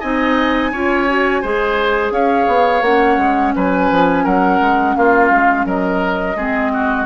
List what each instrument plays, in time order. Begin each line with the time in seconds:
0.00 bassoon C4, clarinet D#4, oboe D#5, flute G#5
0.72 bassoon C#4, clarinet F4, oboe C#5
1.08 clarinet F#4
1.42 bassoon G#3, clarinet G#4, oboe C5
2.11 bassoon C#4, oboe C#5, flute F5
2.48 bassoon B3
2.82 bassoon A#3, clarinet C#4, flute F#5
3.18 bassoon G#3
3.56 bassoon F#3, oboe B4, flute G#5
3.91 bassoon F3
4.24 bassoon F#3, oboe A#4, flute F#5
4.61 bassoon G#3
4.96 bassoon A#3, oboe F4, flute F5
5.31 bassoon G#3
5.65 bassoon F#3, oboe A#4, flute D#5
6.36 bassoon G#3, clarinet C4, oboe G#4
6.73 oboe F#4